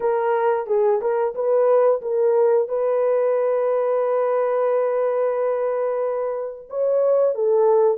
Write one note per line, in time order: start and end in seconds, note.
0.00 0.66 A#4
0.67 1.00 G#4
1.01 1.34 A#4
1.34 2.01 B4
2.02 2.68 A#4
2.68 6.68 B4
6.69 7.35 C#5
7.35 7.97 A4